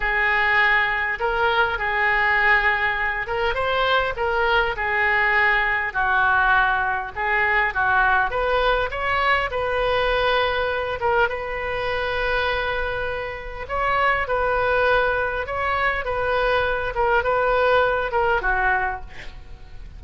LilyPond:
\new Staff \with { instrumentName = "oboe" } { \time 4/4 \tempo 4 = 101 gis'2 ais'4 gis'4~ | gis'4. ais'8 c''4 ais'4 | gis'2 fis'2 | gis'4 fis'4 b'4 cis''4 |
b'2~ b'8 ais'8 b'4~ | b'2. cis''4 | b'2 cis''4 b'4~ | b'8 ais'8 b'4. ais'8 fis'4 | }